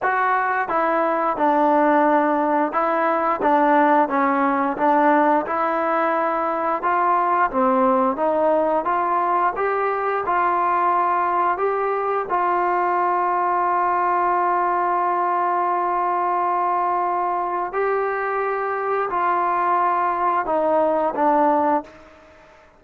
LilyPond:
\new Staff \with { instrumentName = "trombone" } { \time 4/4 \tempo 4 = 88 fis'4 e'4 d'2 | e'4 d'4 cis'4 d'4 | e'2 f'4 c'4 | dis'4 f'4 g'4 f'4~ |
f'4 g'4 f'2~ | f'1~ | f'2 g'2 | f'2 dis'4 d'4 | }